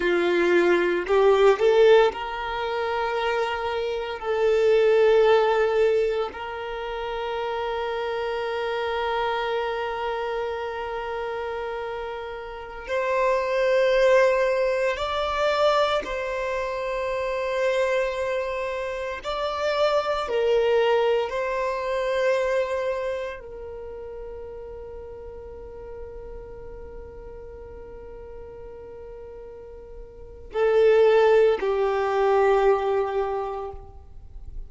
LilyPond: \new Staff \with { instrumentName = "violin" } { \time 4/4 \tempo 4 = 57 f'4 g'8 a'8 ais'2 | a'2 ais'2~ | ais'1~ | ais'16 c''2 d''4 c''8.~ |
c''2~ c''16 d''4 ais'8.~ | ais'16 c''2 ais'4.~ ais'16~ | ais'1~ | ais'4 a'4 g'2 | }